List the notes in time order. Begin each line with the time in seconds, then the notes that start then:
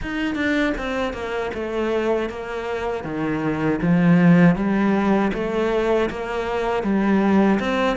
0.02 D#4
0.35 D4
0.77 C4
1.13 A#3
1.54 A3
2.29 A#3
3.04 D#3
3.81 F3
4.55 G3
5.33 A3
6.10 A#3
6.83 G3
7.59 C4